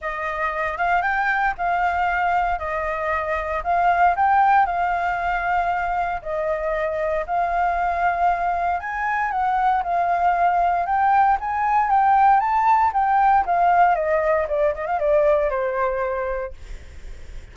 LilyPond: \new Staff \with { instrumentName = "flute" } { \time 4/4 \tempo 4 = 116 dis''4. f''8 g''4 f''4~ | f''4 dis''2 f''4 | g''4 f''2. | dis''2 f''2~ |
f''4 gis''4 fis''4 f''4~ | f''4 g''4 gis''4 g''4 | a''4 g''4 f''4 dis''4 | d''8 dis''16 f''16 d''4 c''2 | }